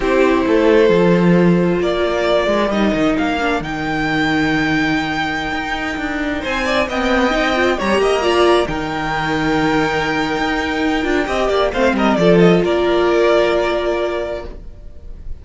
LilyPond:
<<
  \new Staff \with { instrumentName = "violin" } { \time 4/4 \tempo 4 = 133 c''1 | d''2 dis''4 f''4 | g''1~ | g''2~ g''16 gis''4 g''8.~ |
g''4~ g''16 ais''2 g''8.~ | g''1~ | g''2 f''8 dis''8 d''8 dis''8 | d''1 | }
  \new Staff \with { instrumentName = "violin" } { \time 4/4 g'4 a'2. | ais'1~ | ais'1~ | ais'2~ ais'16 c''8 d''8 dis''8.~ |
dis''4~ dis''16 cis''8 dis''8 d''4 ais'8.~ | ais'1~ | ais'4 dis''8 d''8 c''8 ais'8 a'4 | ais'1 | }
  \new Staff \with { instrumentName = "viola" } { \time 4/4 e'2 f'2~ | f'2 dis'4. d'8 | dis'1~ | dis'2.~ dis'16 c'8.~ |
c'16 dis'8 f'8 g'4 f'4 dis'8.~ | dis'1~ | dis'8 f'8 g'4 c'4 f'4~ | f'1 | }
  \new Staff \with { instrumentName = "cello" } { \time 4/4 c'4 a4 f2 | ais4. gis8 g8 dis8 ais4 | dis1~ | dis16 dis'4 d'4 c'4 b8.~ |
b16 c'4 g8 ais4. dis8.~ | dis2. dis'4~ | dis'8 d'8 c'8 ais8 a8 g8 f4 | ais1 | }
>>